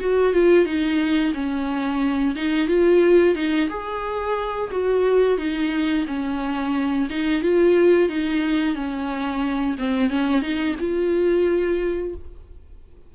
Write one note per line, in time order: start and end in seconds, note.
0.00 0.33 F#4
0.33 0.65 F4
0.65 1.33 D#4
1.34 2.35 C#4
2.35 2.68 D#4
2.68 3.35 F4
3.35 3.69 D#4
3.69 4.70 G#4
4.71 5.38 F#4
5.38 6.05 D#4
6.07 7.08 C#4
7.09 7.42 D#4
7.42 8.09 F4
8.09 8.75 D#4
8.75 9.76 C#4
9.78 10.10 C4
10.10 10.42 C#4
10.42 10.75 D#4
10.80 12.14 F4